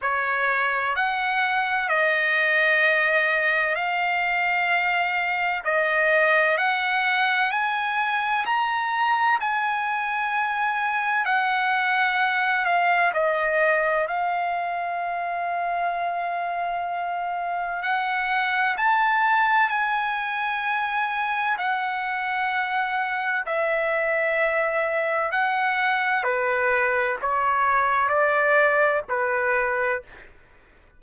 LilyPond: \new Staff \with { instrumentName = "trumpet" } { \time 4/4 \tempo 4 = 64 cis''4 fis''4 dis''2 | f''2 dis''4 fis''4 | gis''4 ais''4 gis''2 | fis''4. f''8 dis''4 f''4~ |
f''2. fis''4 | a''4 gis''2 fis''4~ | fis''4 e''2 fis''4 | b'4 cis''4 d''4 b'4 | }